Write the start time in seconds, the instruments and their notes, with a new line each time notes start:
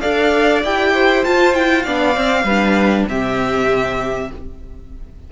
0.00 cello D4, viola A4, violin D5 F5
0.64 cello E4, viola G4, violin G5
0.93 violin C5
1.24 viola F4, cello F4, violin A5
1.54 viola E4, violin G5
1.82 cello B3, viola D4, violin D5 F5
2.14 viola C4, cello C4
2.43 cello G3, violin B4
2.50 viola D4
3.09 cello C3, viola C4, violin G4 E5